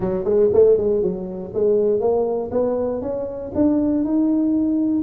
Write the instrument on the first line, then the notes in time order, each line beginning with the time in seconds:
tuba
0.00 F#3
0.24 G#3
0.53 A3
0.77 G#3
1.02 F#3
1.54 G#3
2.00 A#3
2.51 B3
3.01 C#4
3.55 D4
4.04 D#4